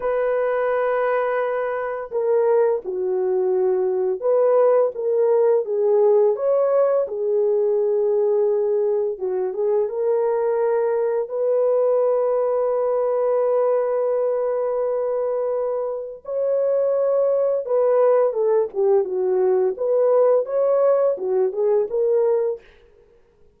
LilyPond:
\new Staff \with { instrumentName = "horn" } { \time 4/4 \tempo 4 = 85 b'2. ais'4 | fis'2 b'4 ais'4 | gis'4 cis''4 gis'2~ | gis'4 fis'8 gis'8 ais'2 |
b'1~ | b'2. cis''4~ | cis''4 b'4 a'8 g'8 fis'4 | b'4 cis''4 fis'8 gis'8 ais'4 | }